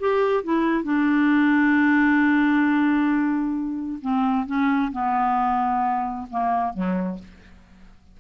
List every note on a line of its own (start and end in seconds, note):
0.00 0.44 G4
0.44 0.84 E4
0.84 4.00 D4
4.02 4.47 C4
4.47 4.92 C#4
4.93 6.28 B3
6.31 6.74 A#3
6.74 7.19 F#3